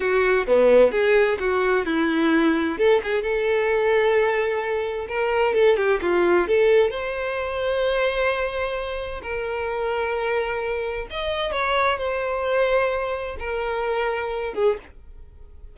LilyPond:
\new Staff \with { instrumentName = "violin" } { \time 4/4 \tempo 4 = 130 fis'4 b4 gis'4 fis'4 | e'2 a'8 gis'8 a'4~ | a'2. ais'4 | a'8 g'8 f'4 a'4 c''4~ |
c''1 | ais'1 | dis''4 cis''4 c''2~ | c''4 ais'2~ ais'8 gis'8 | }